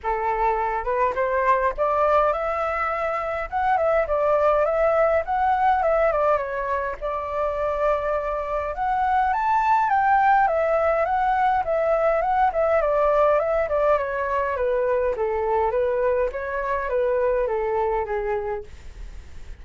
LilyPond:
\new Staff \with { instrumentName = "flute" } { \time 4/4 \tempo 4 = 103 a'4. b'8 c''4 d''4 | e''2 fis''8 e''8 d''4 | e''4 fis''4 e''8 d''8 cis''4 | d''2. fis''4 |
a''4 g''4 e''4 fis''4 | e''4 fis''8 e''8 d''4 e''8 d''8 | cis''4 b'4 a'4 b'4 | cis''4 b'4 a'4 gis'4 | }